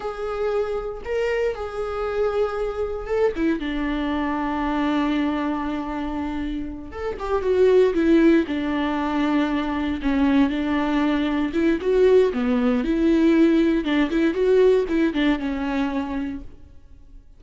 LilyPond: \new Staff \with { instrumentName = "viola" } { \time 4/4 \tempo 4 = 117 gis'2 ais'4 gis'4~ | gis'2 a'8 e'8 d'4~ | d'1~ | d'4. a'8 g'8 fis'4 e'8~ |
e'8 d'2. cis'8~ | cis'8 d'2 e'8 fis'4 | b4 e'2 d'8 e'8 | fis'4 e'8 d'8 cis'2 | }